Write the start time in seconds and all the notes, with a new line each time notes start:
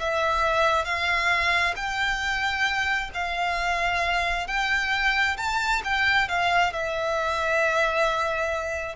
0.00 E5
0.85 F5
1.76 G5
3.14 F5
4.47 G5
5.37 A5
5.85 G5
6.29 F5
6.73 E5